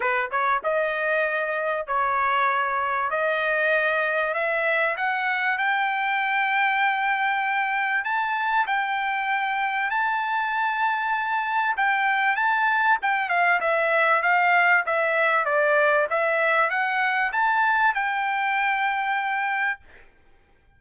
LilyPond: \new Staff \with { instrumentName = "trumpet" } { \time 4/4 \tempo 4 = 97 b'8 cis''8 dis''2 cis''4~ | cis''4 dis''2 e''4 | fis''4 g''2.~ | g''4 a''4 g''2 |
a''2. g''4 | a''4 g''8 f''8 e''4 f''4 | e''4 d''4 e''4 fis''4 | a''4 g''2. | }